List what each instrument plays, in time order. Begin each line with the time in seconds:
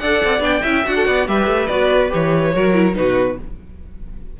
0.00 cello D4, viola A4, violin D5 F#5
0.24 cello C4
0.40 cello B3, viola D4, violin G5
0.62 cello C#4, viola E4, violin E5
0.85 cello D4, viola F#4, violin F#5
0.96 violin A4
1.06 cello B3, violin D5
1.27 cello G3, viola G4, violin B4 E5
1.47 cello A3
1.68 cello B3, viola F#4, violin D5
2.10 cello E3, viola G4, violin C#5
2.54 cello F#3, viola F#4, violin A#4
2.74 viola E4
2.94 cello B2, viola D#4, violin F#4 B4